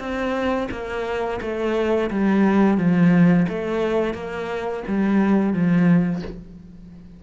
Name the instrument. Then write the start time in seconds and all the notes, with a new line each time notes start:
cello
0.00 C4
0.72 A#3
1.42 A3
2.11 G3
2.78 F3
3.50 A3
4.15 A#3
4.88 G3
5.54 F3